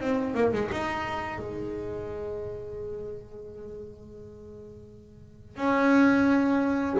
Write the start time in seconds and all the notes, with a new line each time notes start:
0.00 C4
0.35 A#3
0.53 G#3
0.72 D#4
1.39 G#3
5.56 C#4